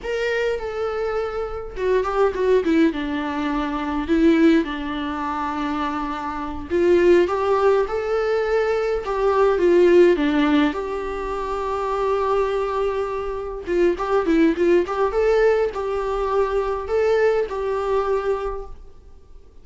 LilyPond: \new Staff \with { instrumentName = "viola" } { \time 4/4 \tempo 4 = 103 ais'4 a'2 fis'8 g'8 | fis'8 e'8 d'2 e'4 | d'2.~ d'8 f'8~ | f'8 g'4 a'2 g'8~ |
g'8 f'4 d'4 g'4.~ | g'2.~ g'8 f'8 | g'8 e'8 f'8 g'8 a'4 g'4~ | g'4 a'4 g'2 | }